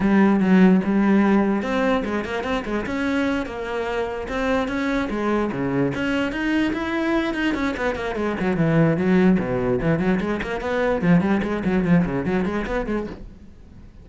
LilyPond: \new Staff \with { instrumentName = "cello" } { \time 4/4 \tempo 4 = 147 g4 fis4 g2 | c'4 gis8 ais8 c'8 gis8 cis'4~ | cis'8 ais2 c'4 cis'8~ | cis'8 gis4 cis4 cis'4 dis'8~ |
dis'8 e'4. dis'8 cis'8 b8 ais8 | gis8 fis8 e4 fis4 b,4 | e8 fis8 gis8 ais8 b4 f8 g8 | gis8 fis8 f8 cis8 fis8 gis8 b8 gis8 | }